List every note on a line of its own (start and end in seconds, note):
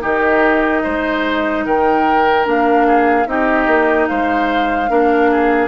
0.00 0.85 D#3
0.00 2.43 D#4
0.00 0.83 G4
0.00 1.65 D#5
0.84 1.66 G#3
0.84 1.65 C5
1.65 2.46 D#3
1.65 2.87 A#4
1.65 2.46 G5
2.45 3.27 A#3
2.45 3.26 D4
2.45 3.27 F5
2.87 3.28 G#4
3.27 3.67 C4
3.27 4.89 D#4
3.27 4.09 G4
3.27 4.07 D#5
3.67 4.08 A#3
4.07 4.90 G#3
4.07 4.90 C5
4.07 5.69 F5
4.89 5.69 A#3
4.89 5.69 D4
4.89 5.31 A#4
5.31 5.69 G#4